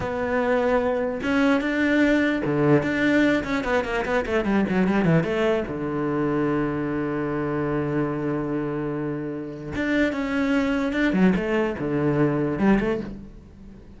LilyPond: \new Staff \with { instrumentName = "cello" } { \time 4/4 \tempo 4 = 148 b2. cis'4 | d'2 d4 d'4~ | d'8 cis'8 b8 ais8 b8 a8 g8 fis8 | g8 e8 a4 d2~ |
d1~ | d1 | d'4 cis'2 d'8 fis8 | a4 d2 g8 a8 | }